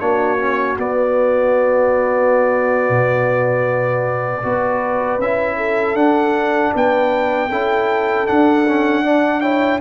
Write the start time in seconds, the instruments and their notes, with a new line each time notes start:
0.00 tuba A#3, trombone D4, horn F#4, trumpet C#5
0.39 trombone C#4
0.77 trombone B3, tuba B3, trumpet D5
2.90 tuba B2
4.43 tuba B3, trombone F#4, horn B4
5.18 tuba C#4, trombone E4, trumpet E5
5.57 horn A4
5.95 tuba D4, trombone D4, trumpet F#5
6.75 tuba B3, horn B4, trumpet G5
7.50 tuba C#4, trombone E4, horn A4
8.27 trombone D4, tuba D4, trumpet F#5
8.68 trombone C#4
9.04 trombone D4, horn D5
9.41 trombone E4, horn C#5, trumpet G5